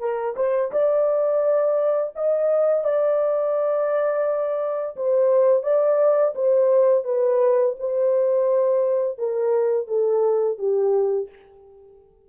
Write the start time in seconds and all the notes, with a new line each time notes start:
0.00 A#4
0.37 C5
0.73 D5
2.16 D#5
2.85 D5
4.97 C5
5.63 D5
6.36 C5
7.05 B4
7.80 C5
9.19 A#4
9.88 A4
10.59 G4